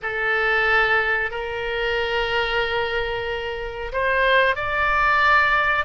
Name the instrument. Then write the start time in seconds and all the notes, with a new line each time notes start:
oboe
0.02 A4
1.30 A#4
3.92 C5
4.55 D5